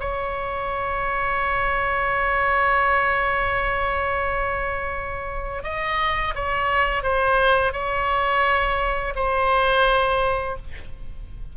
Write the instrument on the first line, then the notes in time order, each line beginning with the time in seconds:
oboe
0.00 C#5
5.64 D#5
6.35 C#5
7.03 C5
7.73 C#5
9.15 C5